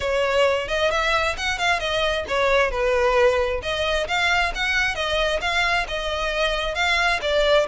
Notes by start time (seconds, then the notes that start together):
0.00 C#5
0.68 D#5
0.90 E5
1.37 F#5
1.58 F5
1.79 D#5
2.27 C#5
2.70 B4
3.62 D#5
4.07 F5
4.54 F#5
4.95 D#5
5.41 F5
5.87 D#5
6.74 F5
7.21 D5